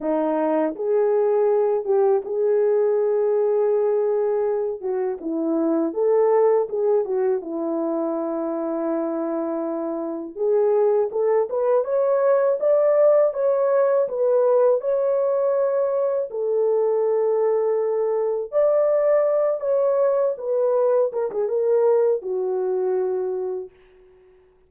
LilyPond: \new Staff \with { instrumentName = "horn" } { \time 4/4 \tempo 4 = 81 dis'4 gis'4. g'8 gis'4~ | gis'2~ gis'8 fis'8 e'4 | a'4 gis'8 fis'8 e'2~ | e'2 gis'4 a'8 b'8 |
cis''4 d''4 cis''4 b'4 | cis''2 a'2~ | a'4 d''4. cis''4 b'8~ | b'8 ais'16 gis'16 ais'4 fis'2 | }